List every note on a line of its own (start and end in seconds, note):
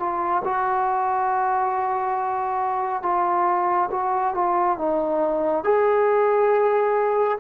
0.00 0.43 F4
0.45 3.03 F#4
3.03 3.90 F4
3.91 4.35 F#4
4.35 4.78 F4
4.78 5.64 D#4
5.64 7.38 G#4